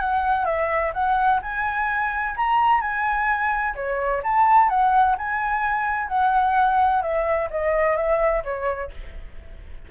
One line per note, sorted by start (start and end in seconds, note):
0.00 0.45 F#5
0.45 0.92 E5
0.94 1.41 F#5
1.42 2.36 G#5
2.37 2.81 A#5
2.81 3.75 G#5
3.75 4.22 C#5
4.23 4.69 A5
4.69 5.16 F#5
5.18 6.08 G#5
6.08 7.02 F#5
7.02 7.49 E5
7.51 7.97 D#5
7.97 8.44 E5
8.44 8.91 C#5